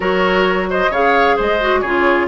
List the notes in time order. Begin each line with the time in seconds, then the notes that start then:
0.00 F#3 F#4 A#4 C#5
0.70 C5 D#5
0.89 C#3 G#4 C#5 F5
1.36 G#3 C5 D#5
1.60 F#4
1.80 C#3 F4 G#4 C#5